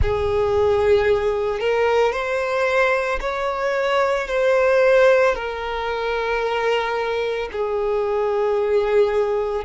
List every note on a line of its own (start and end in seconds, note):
0.01 1.59 G#4
1.59 2.12 A#4
2.12 3.19 C5
3.20 4.27 C#5
4.27 5.34 C5
5.34 7.49 A#4
7.52 9.64 G#4